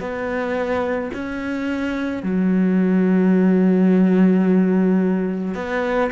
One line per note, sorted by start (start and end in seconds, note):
0.00 1.11 B3
1.14 2.23 C#4
2.23 5.55 F#3
5.55 6.11 B3